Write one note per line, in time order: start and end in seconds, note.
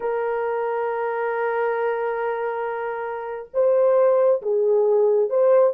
0.00 3.49 A#4
3.53 4.41 C5
4.42 5.29 G#4
5.29 5.73 C5